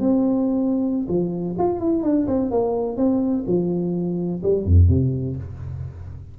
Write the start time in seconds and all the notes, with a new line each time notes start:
0.00 C4
1.08 F3
1.58 F4
1.80 E4
2.03 D4
2.27 C4
2.51 A#3
2.97 C4
3.47 F3
4.43 G3
4.65 F2
4.89 C3